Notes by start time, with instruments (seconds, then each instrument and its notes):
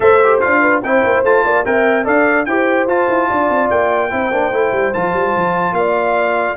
0.00 tuba A3, trombone A4, horn C5, trumpet E5
0.23 trombone G4
0.40 tuba D4, trombone F4, trumpet F5
0.60 horn B4
0.82 tuba C4, trombone E4, horn C5, trumpet G5
1.03 tuba A#3
1.23 tuba A3, trombone F4, trumpet A5
1.44 tuba A#3, horn D5
1.65 tuba C4, trombone A#4, horn E5, trumpet G5
2.04 tuba D4, trombone A4, horn D5, trumpet F5
2.45 tuba E4, trombone G4, horn C5, trumpet G5
2.86 tuba F4, trombone F4, trumpet A5
3.09 tuba E4
3.28 tuba D4, horn D5
3.49 tuba C4
3.70 tuba A#3, trumpet G5
4.10 tuba C4, trombone E4, horn C5
4.31 tuba A#3, trombone D4
4.51 tuba A3, trombone E4
4.72 tuba G3
4.93 tuba F3, trombone F4, trumpet A5
5.13 tuba G3
5.36 tuba F3
5.72 tuba A#3, horn D5, trumpet F5